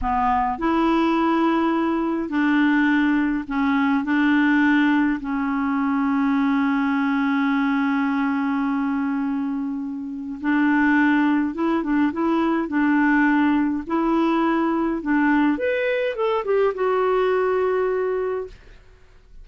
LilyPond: \new Staff \with { instrumentName = "clarinet" } { \time 4/4 \tempo 4 = 104 b4 e'2. | d'2 cis'4 d'4~ | d'4 cis'2.~ | cis'1~ |
cis'2 d'2 | e'8 d'8 e'4 d'2 | e'2 d'4 b'4 | a'8 g'8 fis'2. | }